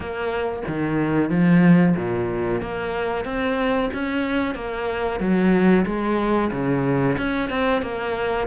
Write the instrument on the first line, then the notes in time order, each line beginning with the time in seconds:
cello
0.00 A#3
0.67 D#3
1.30 F3
1.96 A#2
2.61 A#3
3.24 C4
3.93 C#4
4.54 A#3
5.20 F#3
5.85 G#3
6.51 C#3
7.17 C#4
7.49 C4
7.81 A#3